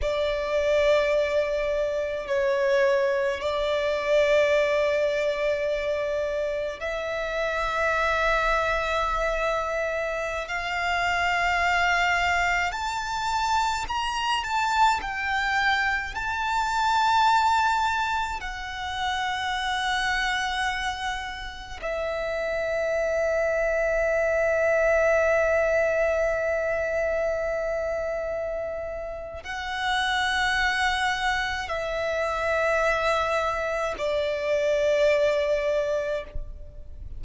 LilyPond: \new Staff \with { instrumentName = "violin" } { \time 4/4 \tempo 4 = 53 d''2 cis''4 d''4~ | d''2 e''2~ | e''4~ e''16 f''2 a''8.~ | a''16 ais''8 a''8 g''4 a''4.~ a''16~ |
a''16 fis''2. e''8.~ | e''1~ | e''2 fis''2 | e''2 d''2 | }